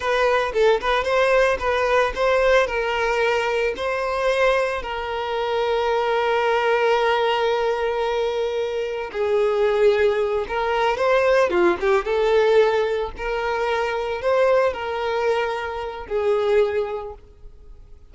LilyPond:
\new Staff \with { instrumentName = "violin" } { \time 4/4 \tempo 4 = 112 b'4 a'8 b'8 c''4 b'4 | c''4 ais'2 c''4~ | c''4 ais'2.~ | ais'1~ |
ais'4 gis'2~ gis'8 ais'8~ | ais'8 c''4 f'8 g'8 a'4.~ | a'8 ais'2 c''4 ais'8~ | ais'2 gis'2 | }